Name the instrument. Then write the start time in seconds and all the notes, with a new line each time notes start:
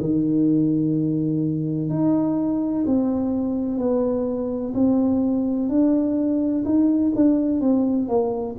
tuba
0.00 D#3
1.90 D#4
2.86 C4
3.78 B3
4.74 C4
5.69 D4
6.65 D#4
7.16 D4
7.61 C4
8.08 A#3